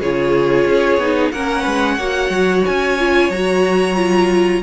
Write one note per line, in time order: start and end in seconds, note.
0.00 0.66 C#3
0.00 1.01 F4
0.00 1.32 G#4
0.00 1.31 C#5
0.66 0.98 C#4
0.98 1.30 B3
0.98 1.34 D#4
1.31 1.66 A#3
1.31 1.99 C#4
1.31 1.61 A#4
1.31 2.63 F#5
1.61 1.98 G#3
1.61 1.94 B4
1.98 2.30 A#3
1.98 2.98 F#4
1.98 4.61 C#5
2.30 2.63 F#3
2.66 3.30 C#4
2.66 3.31 G#5
2.98 3.31 F4
3.30 4.62 F#3
3.30 3.95 F#4
3.30 4.62 A#5
3.95 4.61 F4